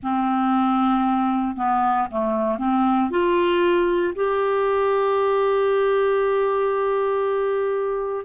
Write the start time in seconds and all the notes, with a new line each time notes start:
0.02 C4
1.56 B3
2.10 A3
2.58 C4
3.10 F4
4.15 G4